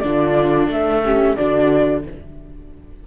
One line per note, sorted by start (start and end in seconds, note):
0.00 0.68 D3
0.00 1.04 D4
0.00 0.72 F4
0.00 0.67 D5
0.68 1.35 A3
0.68 1.05 A4
0.68 1.36 E5
1.04 1.37 C#4
1.04 1.37 G4
1.36 2.07 D3
1.36 2.05 D4
1.36 2.04 F#4
1.36 2.03 D5